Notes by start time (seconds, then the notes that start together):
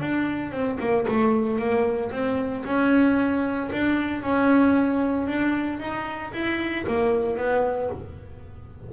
0.00 D4
0.52 C4
0.80 A#3
1.07 A3
1.59 A#3
2.11 C4
2.65 C#4
3.72 D4
4.22 C#4
5.27 D4
5.80 D#4
6.33 E4
6.87 A#3
7.37 B3